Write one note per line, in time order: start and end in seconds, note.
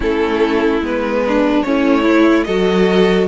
0.00 0.80 A3
0.00 0.82 C#4
0.00 1.23 E4
0.00 0.83 A4
0.80 1.63 G#3
0.80 1.64 B3
0.80 1.62 B4
1.26 1.66 D4
1.62 2.47 A3
1.62 2.03 C#4
1.62 2.47 E4
1.62 2.43 C#5
2.03 2.44 E4
2.43 3.27 F#3
2.43 3.27 F#4
2.43 3.27 A4
2.43 3.26 D#5